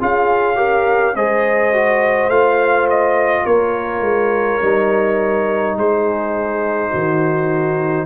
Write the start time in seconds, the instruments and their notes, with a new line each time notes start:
0.00 tuba C#4, trombone F4, horn G#4, trumpet F5
0.56 trombone G4, horn A#4
1.16 tuba G#3, trombone G#4, horn C5, trumpet D#5
1.74 trombone F#4
2.28 tuba A3, trombone F4, trumpet F5
2.90 trumpet D#5
3.46 tuba A#3, horn A#4, trumpet C#5
4.01 tuba G#3
4.62 tuba G3, trombone D#4
5.77 tuba G#3, horn G#4, trumpet C5
6.90 tuba D#3, horn F#4